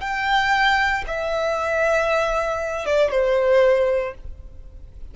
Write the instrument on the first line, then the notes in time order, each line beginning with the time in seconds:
violin
0.00 G5
1.06 E5
2.85 D5
3.10 C5